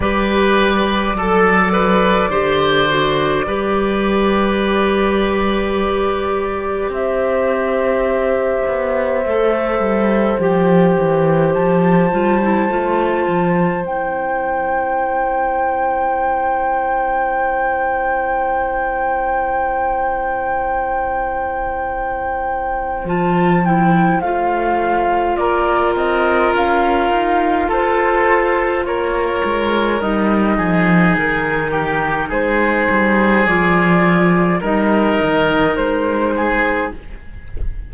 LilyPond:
<<
  \new Staff \with { instrumentName = "flute" } { \time 4/4 \tempo 4 = 52 d''1~ | d''2 e''2~ | e''4 g''4 a''2 | g''1~ |
g''1 | a''8 g''8 f''4 d''8 dis''8 f''4 | c''4 cis''4 dis''4 ais'4 | c''4 d''4 dis''4 c''4 | }
  \new Staff \with { instrumentName = "oboe" } { \time 4/4 b'4 a'8 b'8 c''4 b'4~ | b'2 c''2~ | c''1~ | c''1~ |
c''1~ | c''2 ais'2 | a'4 ais'4. gis'4 g'8 | gis'2 ais'4. gis'8 | }
  \new Staff \with { instrumentName = "clarinet" } { \time 4/4 g'4 a'4 g'8 fis'8 g'4~ | g'1 | a'4 g'4. f'16 e'16 f'4 | e'1~ |
e'1 | f'8 e'8 f'2.~ | f'2 dis'2~ | dis'4 f'4 dis'2 | }
  \new Staff \with { instrumentName = "cello" } { \time 4/4 g4 fis4 d4 g4~ | g2 c'4. b8 | a8 g8 f8 e8 f8 g8 a8 f8 | c'1~ |
c'1 | f4 a4 ais8 c'8 cis'8 dis'8 | f'4 ais8 gis8 g8 f8 dis4 | gis8 g8 f4 g8 dis8 gis4 | }
>>